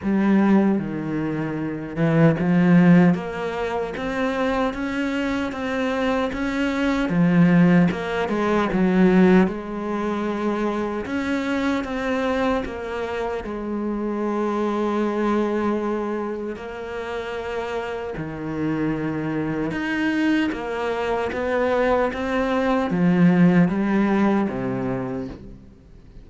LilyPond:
\new Staff \with { instrumentName = "cello" } { \time 4/4 \tempo 4 = 76 g4 dis4. e8 f4 | ais4 c'4 cis'4 c'4 | cis'4 f4 ais8 gis8 fis4 | gis2 cis'4 c'4 |
ais4 gis2.~ | gis4 ais2 dis4~ | dis4 dis'4 ais4 b4 | c'4 f4 g4 c4 | }